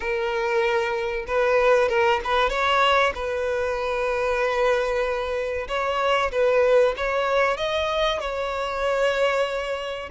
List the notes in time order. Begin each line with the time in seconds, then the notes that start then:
0.00 A#4
1.27 B4
1.88 A#4
2.24 B4
2.49 C#5
3.14 B4
5.68 C#5
6.31 B4
6.96 C#5
7.57 D#5
8.20 C#5